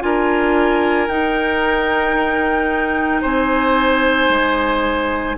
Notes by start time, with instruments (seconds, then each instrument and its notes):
0.00 bassoon D4, clarinet F4, oboe A#4, flute G#5
1.07 bassoon D#4, clarinet D#4, flute G5
3.21 bassoon C4, oboe C5, flute G#5
4.29 bassoon G#3